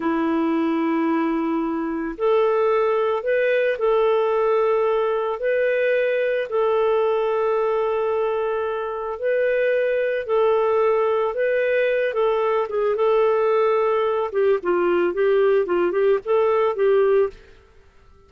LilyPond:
\new Staff \with { instrumentName = "clarinet" } { \time 4/4 \tempo 4 = 111 e'1 | a'2 b'4 a'4~ | a'2 b'2 | a'1~ |
a'4 b'2 a'4~ | a'4 b'4. a'4 gis'8 | a'2~ a'8 g'8 f'4 | g'4 f'8 g'8 a'4 g'4 | }